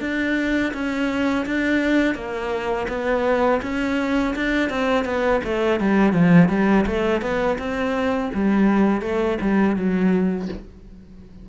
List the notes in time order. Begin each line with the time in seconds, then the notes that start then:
0.00 D4
0.73 C#4
1.46 D4
2.15 A#3
2.88 B3
3.62 C#4
4.35 D4
4.69 C4
5.04 B3
5.43 A3
5.80 G3
6.12 F3
6.48 G3
6.86 A3
7.21 B3
7.58 C4
8.34 G3
9.01 A3
9.41 G3
9.76 F#3